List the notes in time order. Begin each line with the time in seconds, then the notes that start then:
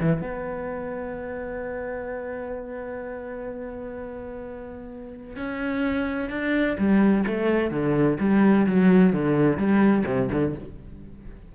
0.00 E3
0.21 B3
5.36 C#4
6.30 D4
6.78 G3
7.27 A3
7.71 D3
8.20 G3
8.66 F#3
9.13 D3
9.57 G3
10.06 C3
10.32 D3